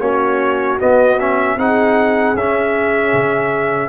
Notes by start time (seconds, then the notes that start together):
0.00 A#3 C#4 F#4 C#5
0.79 B3 D#5
1.19 C#4 E5
1.57 C4 D#4 G#4 F#5
2.35 C#4 E5
3.13 C#3